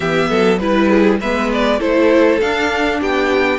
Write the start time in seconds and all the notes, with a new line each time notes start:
0.00 E3 B3 G4 E5
0.29 F#3 A4
0.58 G3 E4 B4
0.89 G#4
1.20 G#3 B3 B4 E5
1.53 D5
1.79 A3 E4 A4 C5
2.40 D4 F5
3.00 B3 G4 G5